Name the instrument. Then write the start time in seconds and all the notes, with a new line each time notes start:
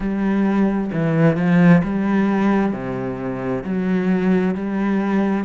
cello
0.00 G3
0.92 E3
1.36 F3
1.83 G3
2.72 C3
3.64 F#3
4.55 G3